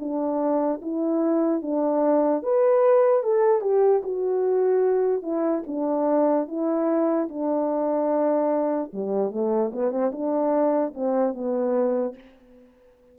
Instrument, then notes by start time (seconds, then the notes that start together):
horn
0.00 D4
0.82 E4
1.63 D4
2.43 B4
3.24 A4
3.62 G4
4.04 F#4
5.23 E4
5.67 D4
6.48 E4
7.29 D4
8.93 G3
9.32 A3
9.73 B3
9.91 C4
10.13 D4
10.95 C4
11.34 B3